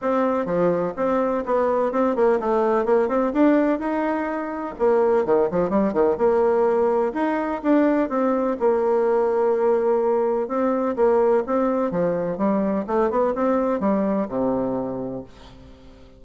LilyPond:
\new Staff \with { instrumentName = "bassoon" } { \time 4/4 \tempo 4 = 126 c'4 f4 c'4 b4 | c'8 ais8 a4 ais8 c'8 d'4 | dis'2 ais4 dis8 f8 | g8 dis8 ais2 dis'4 |
d'4 c'4 ais2~ | ais2 c'4 ais4 | c'4 f4 g4 a8 b8 | c'4 g4 c2 | }